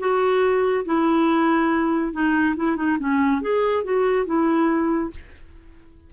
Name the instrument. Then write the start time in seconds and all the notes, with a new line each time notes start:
clarinet
0.00 F#4
0.86 E4
2.13 D#4
2.57 E4
2.77 D#4
2.99 C#4
3.42 G#4
3.84 F#4
4.26 E4